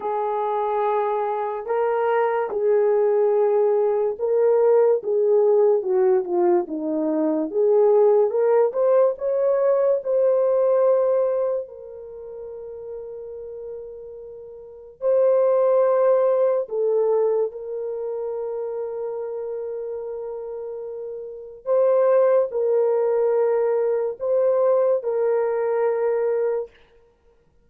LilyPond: \new Staff \with { instrumentName = "horn" } { \time 4/4 \tempo 4 = 72 gis'2 ais'4 gis'4~ | gis'4 ais'4 gis'4 fis'8 f'8 | dis'4 gis'4 ais'8 c''8 cis''4 | c''2 ais'2~ |
ais'2 c''2 | a'4 ais'2.~ | ais'2 c''4 ais'4~ | ais'4 c''4 ais'2 | }